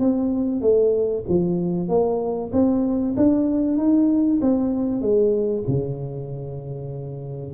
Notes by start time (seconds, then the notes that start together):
0.00 C4
0.62 A3
1.29 F3
1.89 A#3
2.53 C4
3.17 D4
3.78 D#4
4.42 C4
5.02 G#3
5.68 C#3